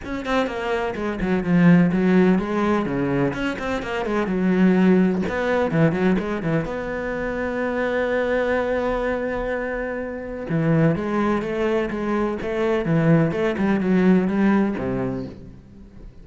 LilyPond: \new Staff \with { instrumentName = "cello" } { \time 4/4 \tempo 4 = 126 cis'8 c'8 ais4 gis8 fis8 f4 | fis4 gis4 cis4 cis'8 c'8 | ais8 gis8 fis2 b4 | e8 fis8 gis8 e8 b2~ |
b1~ | b2 e4 gis4 | a4 gis4 a4 e4 | a8 g8 fis4 g4 c4 | }